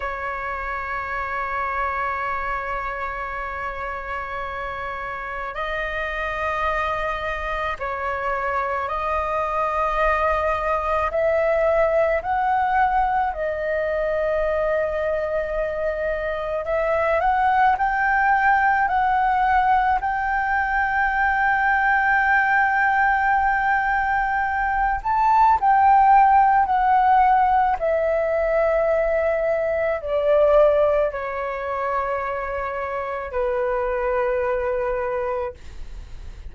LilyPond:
\new Staff \with { instrumentName = "flute" } { \time 4/4 \tempo 4 = 54 cis''1~ | cis''4 dis''2 cis''4 | dis''2 e''4 fis''4 | dis''2. e''8 fis''8 |
g''4 fis''4 g''2~ | g''2~ g''8 a''8 g''4 | fis''4 e''2 d''4 | cis''2 b'2 | }